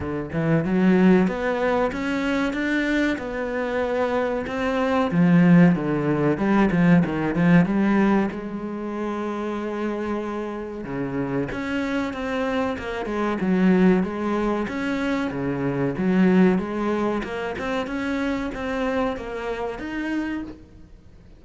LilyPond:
\new Staff \with { instrumentName = "cello" } { \time 4/4 \tempo 4 = 94 d8 e8 fis4 b4 cis'4 | d'4 b2 c'4 | f4 d4 g8 f8 dis8 f8 | g4 gis2.~ |
gis4 cis4 cis'4 c'4 | ais8 gis8 fis4 gis4 cis'4 | cis4 fis4 gis4 ais8 c'8 | cis'4 c'4 ais4 dis'4 | }